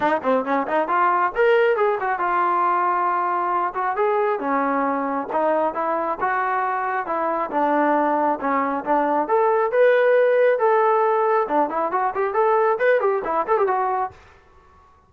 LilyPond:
\new Staff \with { instrumentName = "trombone" } { \time 4/4 \tempo 4 = 136 dis'8 c'8 cis'8 dis'8 f'4 ais'4 | gis'8 fis'8 f'2.~ | f'8 fis'8 gis'4 cis'2 | dis'4 e'4 fis'2 |
e'4 d'2 cis'4 | d'4 a'4 b'2 | a'2 d'8 e'8 fis'8 g'8 | a'4 b'8 g'8 e'8 a'16 g'16 fis'4 | }